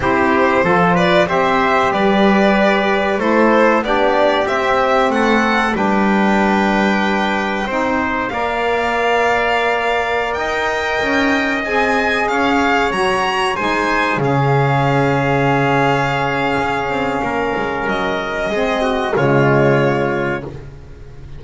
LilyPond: <<
  \new Staff \with { instrumentName = "violin" } { \time 4/4 \tempo 4 = 94 c''4. d''8 e''4 d''4~ | d''4 c''4 d''4 e''4 | fis''4 g''2.~ | g''4 f''2.~ |
f''16 g''2 gis''4 f''8.~ | f''16 ais''4 gis''4 f''4.~ f''16~ | f''1 | dis''2 cis''2 | }
  \new Staff \with { instrumentName = "trumpet" } { \time 4/4 g'4 a'8 b'8 c''4 b'4~ | b'4 a'4 g'2 | a'4 b'2. | c''4 d''2.~ |
d''16 dis''2. cis''8.~ | cis''4~ cis''16 c''4 gis'4.~ gis'16~ | gis'2. ais'4~ | ais'4 gis'8 fis'8 f'2 | }
  \new Staff \with { instrumentName = "saxophone" } { \time 4/4 e'4 f'4 g'2~ | g'4 e'4 d'4 c'4~ | c'4 d'2. | dis'4 ais'2.~ |
ais'2~ ais'16 gis'4.~ gis'16~ | gis'16 fis'4 dis'4 cis'4.~ cis'16~ | cis'1~ | cis'4 c'4 gis2 | }
  \new Staff \with { instrumentName = "double bass" } { \time 4/4 c'4 f4 c'4 g4~ | g4 a4 b4 c'4 | a4 g2. | c'4 ais2.~ |
ais16 dis'4 cis'4 c'4 cis'8.~ | cis'16 fis4 gis4 cis4.~ cis16~ | cis2 cis'8 c'8 ais8 gis8 | fis4 gis4 cis2 | }
>>